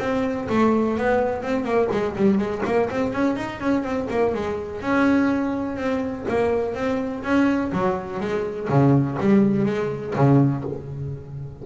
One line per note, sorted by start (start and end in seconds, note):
0.00 0.48 C4
0.50 0.98 A3
0.98 1.43 B3
1.43 1.65 C4
1.65 1.89 A#3
1.92 2.16 G#3
2.16 2.38 G3
2.38 2.62 G#3
2.65 2.90 A#3
2.90 3.14 C4
3.14 3.37 C#4
3.37 3.61 D#4
3.61 3.84 C#4
3.84 4.08 C4
4.10 4.34 A#3
4.35 4.81 G#3
4.81 5.77 C#4
5.77 6.26 C4
6.29 6.75 A#3
6.75 7.23 C4
7.23 7.72 C#4
7.73 8.20 F#3
8.20 8.69 G#3
8.70 9.18 C#3
9.20 9.66 G3
9.66 10.15 G#3
10.16 10.64 C#3